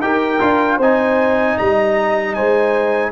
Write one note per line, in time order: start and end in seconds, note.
0.00 0.39 D#4
0.00 0.40 G4
0.00 0.77 A#4
0.00 0.79 G5
0.40 0.78 D4
0.40 0.79 F4
0.77 1.56 C4
0.77 3.12 D#4
0.77 1.55 C5
0.77 1.58 G#5
1.58 2.38 G3
1.58 2.36 D#5
1.58 2.34 A#5
2.34 3.12 G#3
2.34 3.12 C5
2.34 3.12 G#5